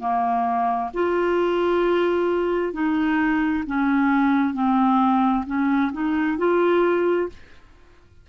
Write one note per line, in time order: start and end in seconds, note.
0.00 0.91 A#3
0.94 2.73 F4
2.73 3.64 D#4
3.67 4.54 C#4
4.54 5.45 C4
5.46 5.92 C#4
5.93 6.38 D#4
6.38 7.29 F4